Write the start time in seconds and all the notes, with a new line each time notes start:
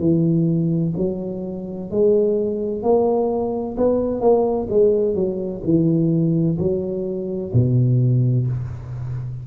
0.00 E3
0.98 F#3
1.91 G#3
2.83 A#3
3.77 B3
4.21 A#3
4.70 G#3
5.15 F#3
5.64 E3
6.59 F#3
7.54 B2